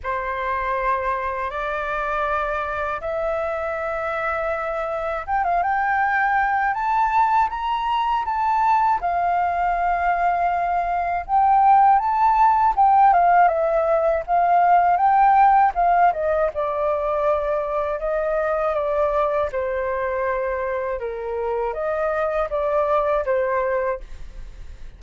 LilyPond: \new Staff \with { instrumentName = "flute" } { \time 4/4 \tempo 4 = 80 c''2 d''2 | e''2. g''16 f''16 g''8~ | g''4 a''4 ais''4 a''4 | f''2. g''4 |
a''4 g''8 f''8 e''4 f''4 | g''4 f''8 dis''8 d''2 | dis''4 d''4 c''2 | ais'4 dis''4 d''4 c''4 | }